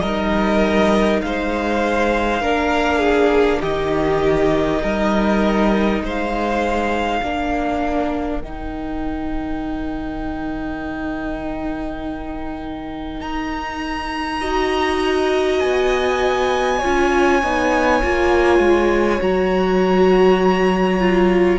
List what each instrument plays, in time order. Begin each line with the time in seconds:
0.00 cello G3, viola D#4, violin A#4 D#5
1.22 cello G#3, violin C5 F5
2.42 cello A#3, viola D4, violin A#4
2.99 violin G#4
3.60 cello D#3, viola D#4, violin G4 D#5
4.83 cello G3, violin A#4
6.00 cello G#3, violin C5
6.08 violin F5
7.22 cello A#3, viola D4, violin A#4
8.41 cello D#3, viola D#4, violin G5
13.21 cello D#4, violin A#5
14.41 viola F#4, violin D#5
15.60 cello B3, violin G#5
16.79 cello C#4, viola F4, violin C#5
17.43 cello B3, viola D#4
18.03 cello A#3, viola F4
18.59 cello G#3
19.21 cello F#3, viola F#4, violin A#5
21.00 viola F4